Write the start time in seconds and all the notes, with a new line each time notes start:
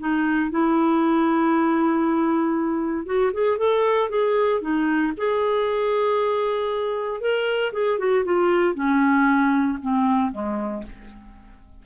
0.00 D#4
0.51 E4
3.06 F#4
3.33 G#4
3.58 A4
4.10 G#4
4.61 D#4
5.17 G#4
7.21 A#4
7.73 G#4
7.99 F#4
8.25 F4
8.75 C#4
9.82 C4
10.32 G#3